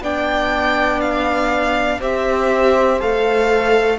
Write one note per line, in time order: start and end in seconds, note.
0.00 2.00 B3
0.00 2.01 D4
0.00 1.98 D5
0.00 1.00 G5
1.00 2.00 F5
1.98 3.00 C4
1.98 3.00 G4
1.98 3.98 C5
1.98 3.01 E5
3.00 3.98 A3
3.00 3.98 A4
3.00 3.98 F5